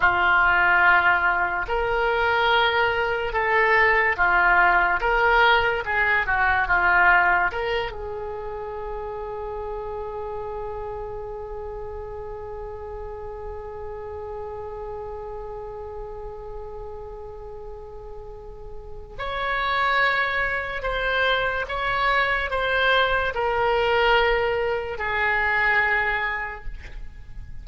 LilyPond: \new Staff \with { instrumentName = "oboe" } { \time 4/4 \tempo 4 = 72 f'2 ais'2 | a'4 f'4 ais'4 gis'8 fis'8 | f'4 ais'8 gis'2~ gis'8~ | gis'1~ |
gis'1~ | gis'2. cis''4~ | cis''4 c''4 cis''4 c''4 | ais'2 gis'2 | }